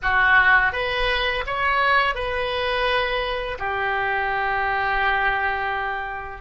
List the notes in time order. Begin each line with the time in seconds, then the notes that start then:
0.02 F#4
0.72 B4
1.46 C#5
2.15 B4
3.58 G4